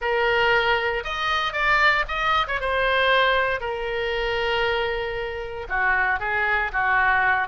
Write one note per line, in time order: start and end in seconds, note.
0.01 1.03 A#4
1.03 1.53 D#5
1.53 2.04 D5
2.08 2.47 D#5
2.47 2.60 C#5
2.60 3.60 C5
3.60 5.67 A#4
5.68 6.19 F#4
6.19 6.71 G#4
6.72 7.48 F#4